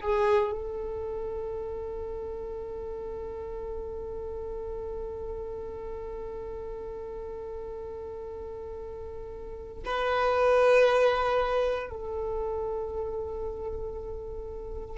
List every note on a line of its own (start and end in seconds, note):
0.00 0.52 G#4
0.52 9.83 A4
9.85 11.90 B4
11.90 14.97 A4